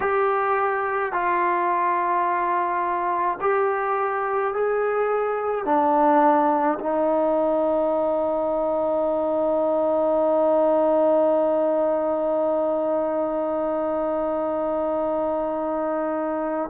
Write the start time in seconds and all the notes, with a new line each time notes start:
0.00 G4
1.12 F4
3.40 G4
4.53 G#4
5.65 D4
6.79 D#4